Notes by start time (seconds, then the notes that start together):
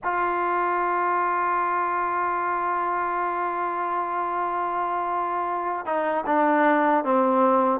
0.03 F4
5.85 D#4
6.26 D4
7.04 C4